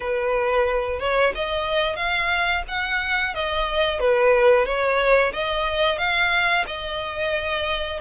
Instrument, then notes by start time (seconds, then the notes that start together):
violin
0.00 B4
0.99 C#5
1.35 D#5
1.95 F5
2.68 F#5
3.34 D#5
3.99 B4
4.65 C#5
5.32 D#5
5.98 F5
6.66 D#5